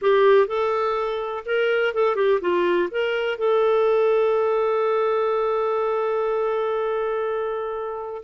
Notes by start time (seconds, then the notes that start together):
0.01 G4
0.47 A4
1.45 A#4
1.94 A4
2.15 G4
2.41 F4
2.91 A#4
3.38 A4